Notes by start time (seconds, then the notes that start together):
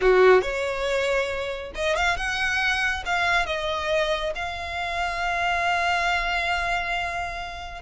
0.01 F#4
0.41 C#5
1.75 D#5
1.95 F5
2.16 F#5
3.05 F5
3.46 D#5
4.35 F5